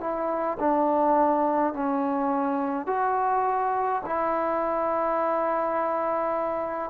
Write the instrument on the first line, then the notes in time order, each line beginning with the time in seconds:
trombone
0.00 E4
0.59 D4
1.73 C#4
2.86 F#4
4.06 E4